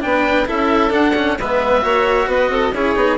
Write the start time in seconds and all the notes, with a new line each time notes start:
0.00 B3 D4 B4 G5
0.46 C#4 E4 A4 E5
0.90 D4 F#5
1.15 C#4
1.39 G#3 B3 B4 E5
1.81 A#3 F#4 C#5
2.26 B3 B4 D#5
2.49 C4 A4
2.72 C#4 E4 G#4 C#5
2.95 B3 D#4